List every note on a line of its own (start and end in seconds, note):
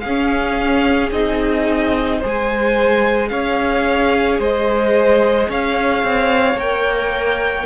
0.00 1.11 C#4
0.00 2.19 G#4
0.00 1.09 F5
0.07 1.13 C#4
1.11 2.20 C4
1.11 2.22 D#4
1.11 2.21 D#5
2.19 3.31 G#3
2.19 6.57 G#4
2.19 3.28 C5
2.26 3.29 G#5
3.29 4.39 C#4
3.29 4.40 C#5
3.29 4.38 F5
4.39 5.48 G#3
4.39 5.49 C5
4.39 5.51 D#5
5.49 6.03 C#4
5.49 7.65 C#5
5.49 6.59 F5
6.03 6.54 C4
6.54 7.63 A#3
6.54 7.65 A#4
6.54 7.65 G5